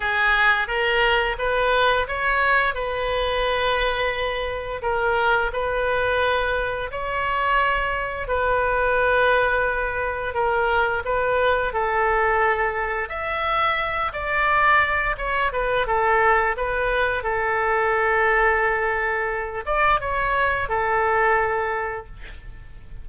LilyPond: \new Staff \with { instrumentName = "oboe" } { \time 4/4 \tempo 4 = 87 gis'4 ais'4 b'4 cis''4 | b'2. ais'4 | b'2 cis''2 | b'2. ais'4 |
b'4 a'2 e''4~ | e''8 d''4. cis''8 b'8 a'4 | b'4 a'2.~ | a'8 d''8 cis''4 a'2 | }